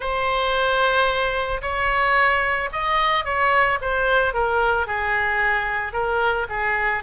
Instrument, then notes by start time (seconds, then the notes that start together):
oboe
0.00 C5
1.61 C#5
2.72 D#5
3.24 C#5
3.81 C5
4.33 A#4
4.86 G#4
5.92 A#4
6.49 G#4